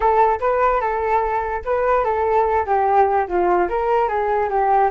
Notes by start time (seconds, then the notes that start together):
0.00 A4
0.40 B4
0.80 A4
1.64 B4
2.04 A4
2.66 G4
3.27 F4
3.68 A#4
4.08 G#4
4.49 G4